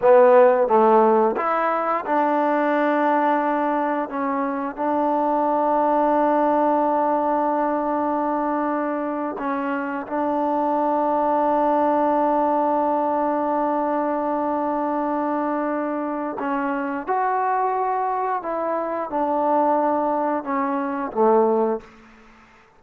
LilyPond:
\new Staff \with { instrumentName = "trombone" } { \time 4/4 \tempo 4 = 88 b4 a4 e'4 d'4~ | d'2 cis'4 d'4~ | d'1~ | d'4.~ d'16 cis'4 d'4~ d'16~ |
d'1~ | d'1 | cis'4 fis'2 e'4 | d'2 cis'4 a4 | }